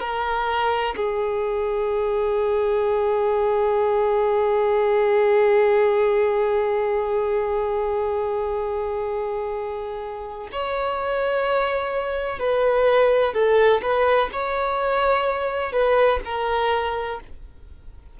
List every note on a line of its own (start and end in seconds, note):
0.00 0.95 A#4
0.96 10.48 G#4
10.52 12.39 C#5
12.39 13.33 B4
13.33 13.81 A4
13.82 14.30 B4
14.32 15.72 C#5
15.72 16.20 B4
16.25 17.20 A#4